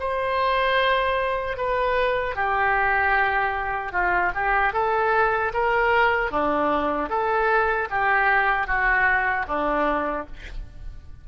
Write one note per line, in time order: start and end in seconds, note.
0.00 1.58 C5
1.58 2.36 B4
2.36 3.92 G4
3.92 4.32 F4
4.35 4.73 G4
4.73 5.52 A4
5.54 6.31 A#4
6.31 7.09 D4
7.09 7.88 A4
7.91 8.67 G4
8.67 9.46 F#4
9.48 10.27 D4